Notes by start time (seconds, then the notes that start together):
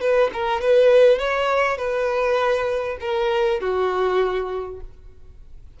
0.00 B4
0.33 A#4
0.61 B4
1.18 C#5
1.77 B4
3.00 A#4
3.60 F#4